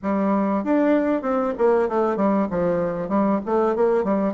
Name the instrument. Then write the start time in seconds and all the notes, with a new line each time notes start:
bassoon
0.02 G3
0.64 D4
1.22 C4
1.58 A#3
1.88 A3
2.16 G3
2.50 F3
3.08 G3
3.45 A3
3.75 A#3
4.04 G3